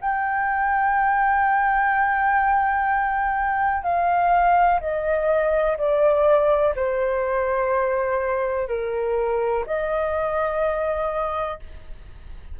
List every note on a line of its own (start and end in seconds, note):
0.00 3.83 G5
3.83 4.80 F5
4.80 5.77 D#5
5.78 6.74 D5
6.75 8.68 C5
8.68 9.65 A#4
9.66 11.60 D#5